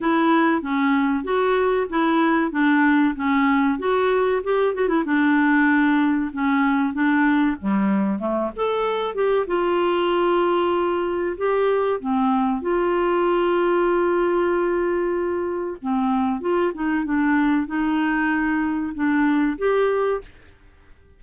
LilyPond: \new Staff \with { instrumentName = "clarinet" } { \time 4/4 \tempo 4 = 95 e'4 cis'4 fis'4 e'4 | d'4 cis'4 fis'4 g'8 fis'16 e'16 | d'2 cis'4 d'4 | g4 a8 a'4 g'8 f'4~ |
f'2 g'4 c'4 | f'1~ | f'4 c'4 f'8 dis'8 d'4 | dis'2 d'4 g'4 | }